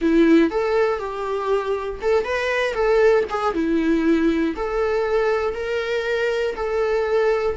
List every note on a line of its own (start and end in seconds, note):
0.01 0.50 E4
0.50 0.99 A4
0.99 1.99 G4
2.01 2.24 A4
2.24 2.73 B4
2.73 3.24 A4
3.29 3.54 G#4
3.54 4.54 E4
4.55 5.54 A4
5.54 6.55 A#4
6.55 7.56 A4